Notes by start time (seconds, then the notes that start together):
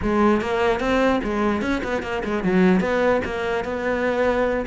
0.02 G#3
0.41 A#3
0.79 C4
1.23 G#3
1.61 C#4
1.83 B3
2.02 A#3
2.24 G#3
2.43 F#3
2.80 B3
3.25 A#3
3.64 B3